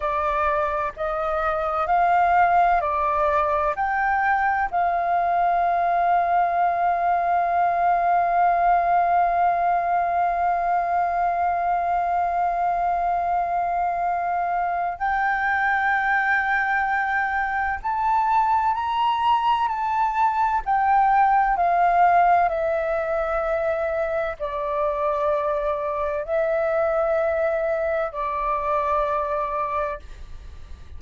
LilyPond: \new Staff \with { instrumentName = "flute" } { \time 4/4 \tempo 4 = 64 d''4 dis''4 f''4 d''4 | g''4 f''2.~ | f''1~ | f''1 |
g''2. a''4 | ais''4 a''4 g''4 f''4 | e''2 d''2 | e''2 d''2 | }